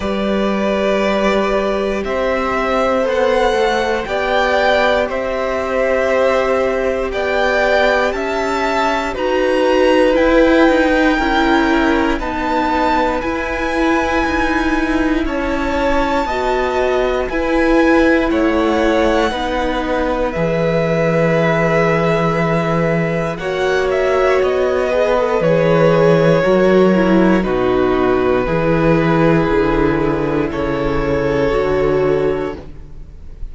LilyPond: <<
  \new Staff \with { instrumentName = "violin" } { \time 4/4 \tempo 4 = 59 d''2 e''4 fis''4 | g''4 e''2 g''4 | a''4 ais''4 g''2 | a''4 gis''2 a''4~ |
a''4 gis''4 fis''2 | e''2. fis''8 e''8 | dis''4 cis''2 b'4~ | b'2 cis''2 | }
  \new Staff \with { instrumentName = "violin" } { \time 4/4 b'2 c''2 | d''4 c''2 d''4 | e''4 b'2 ais'4 | b'2. cis''4 |
dis''4 b'4 cis''4 b'4~ | b'2. cis''4~ | cis''8 b'4. ais'4 fis'4 | gis'2 a'2 | }
  \new Staff \with { instrumentName = "viola" } { \time 4/4 g'2. a'4 | g'1~ | g'4 fis'4 e'8. dis'16 e'4 | dis'4 e'2. |
fis'4 e'2 dis'4 | gis'2. fis'4~ | fis'8 gis'16 a'16 gis'4 fis'8 e'8 dis'4 | e'2. fis'4 | }
  \new Staff \with { instrumentName = "cello" } { \time 4/4 g2 c'4 b8 a8 | b4 c'2 b4 | cis'4 dis'4 e'8 dis'8 cis'4 | b4 e'4 dis'4 cis'4 |
b4 e'4 a4 b4 | e2. ais4 | b4 e4 fis4 b,4 | e4 d4 cis4 d4 | }
>>